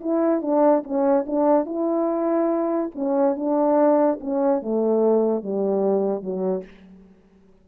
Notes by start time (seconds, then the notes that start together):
0.00 E4
0.41 D4
0.83 C#4
1.26 D4
1.65 E4
2.94 C#4
3.36 D4
4.20 C#4
4.62 A3
5.42 G3
6.22 F#3